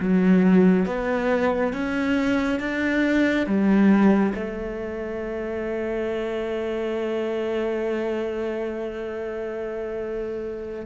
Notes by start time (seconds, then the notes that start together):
0.00 F#3
0.86 B3
1.73 C#4
2.60 D4
3.47 G3
4.35 A3